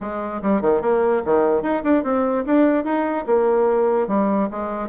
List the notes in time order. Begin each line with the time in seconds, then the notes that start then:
0.01 G#3
0.42 G3
0.61 D#3
0.81 A#3
1.25 D#3
1.62 D#4
1.83 D4
2.03 C4
2.45 D4
2.84 D#4
3.26 A#3
4.07 G3
4.50 G#3